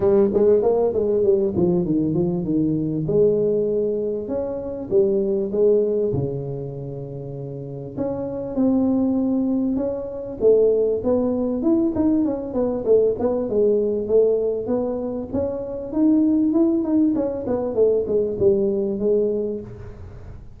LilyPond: \new Staff \with { instrumentName = "tuba" } { \time 4/4 \tempo 4 = 98 g8 gis8 ais8 gis8 g8 f8 dis8 f8 | dis4 gis2 cis'4 | g4 gis4 cis2~ | cis4 cis'4 c'2 |
cis'4 a4 b4 e'8 dis'8 | cis'8 b8 a8 b8 gis4 a4 | b4 cis'4 dis'4 e'8 dis'8 | cis'8 b8 a8 gis8 g4 gis4 | }